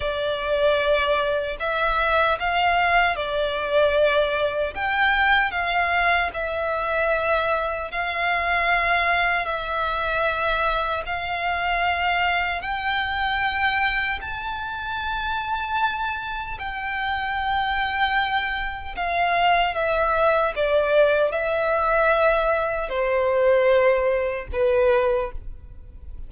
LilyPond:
\new Staff \with { instrumentName = "violin" } { \time 4/4 \tempo 4 = 76 d''2 e''4 f''4 | d''2 g''4 f''4 | e''2 f''2 | e''2 f''2 |
g''2 a''2~ | a''4 g''2. | f''4 e''4 d''4 e''4~ | e''4 c''2 b'4 | }